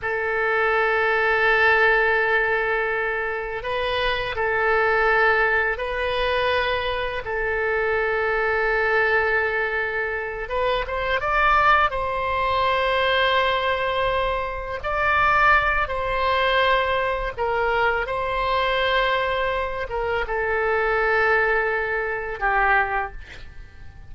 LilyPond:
\new Staff \with { instrumentName = "oboe" } { \time 4/4 \tempo 4 = 83 a'1~ | a'4 b'4 a'2 | b'2 a'2~ | a'2~ a'8 b'8 c''8 d''8~ |
d''8 c''2.~ c''8~ | c''8 d''4. c''2 | ais'4 c''2~ c''8 ais'8 | a'2. g'4 | }